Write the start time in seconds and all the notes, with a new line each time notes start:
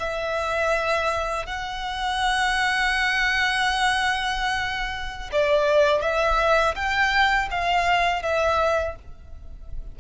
0.00 E5
1.46 F#5
5.32 D5
6.02 E5
6.75 G5
7.51 F5
8.23 E5